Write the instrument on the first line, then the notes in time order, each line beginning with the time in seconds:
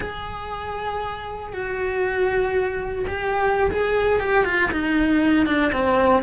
cello
0.00 G#4
1.52 F#4
3.07 G4
3.71 G#4
4.19 G4
4.45 F4
4.71 D#4
5.46 D4
5.72 C4